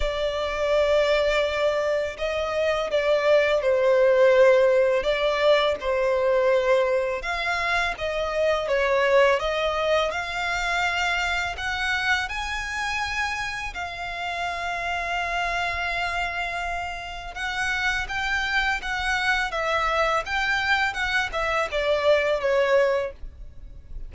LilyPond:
\new Staff \with { instrumentName = "violin" } { \time 4/4 \tempo 4 = 83 d''2. dis''4 | d''4 c''2 d''4 | c''2 f''4 dis''4 | cis''4 dis''4 f''2 |
fis''4 gis''2 f''4~ | f''1 | fis''4 g''4 fis''4 e''4 | g''4 fis''8 e''8 d''4 cis''4 | }